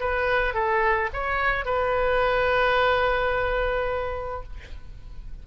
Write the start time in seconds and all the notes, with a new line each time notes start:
0.00 B4
0.54 A4
1.14 C#5
1.66 B4